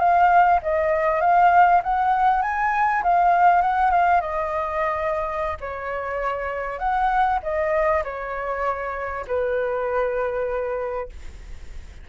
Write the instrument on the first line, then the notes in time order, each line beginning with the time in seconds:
flute
0.00 F5
0.63 D#5
1.21 F5
1.84 F#5
2.43 G#5
3.04 F5
3.62 F#5
3.91 F5
4.21 D#5
5.61 C#5
6.79 F#5
7.43 D#5
8.05 C#5
9.28 B4